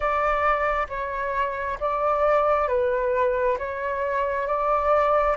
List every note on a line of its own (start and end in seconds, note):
0.00 0.87 D5
0.88 1.78 C#5
1.80 2.68 D5
2.68 3.57 B4
3.58 4.47 C#5
4.47 5.36 D5